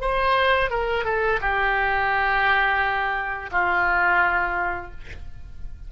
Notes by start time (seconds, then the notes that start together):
0.00 C5
0.70 A#4
1.04 A4
1.40 G4
3.51 F4